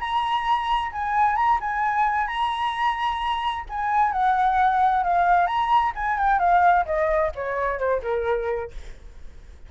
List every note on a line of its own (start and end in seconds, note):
0.00 0.92 A#5
0.92 1.36 G#5
1.36 1.59 A#5
1.60 2.28 G#5
2.28 3.65 A#5
3.69 4.12 G#5
4.12 5.04 F#5
5.04 5.47 F5
5.47 5.93 A#5
5.95 6.18 G#5
6.18 6.39 G5
6.39 6.85 F5
6.86 7.32 D#5
7.35 7.79 C#5
7.79 8.02 C5
8.03 8.71 A#4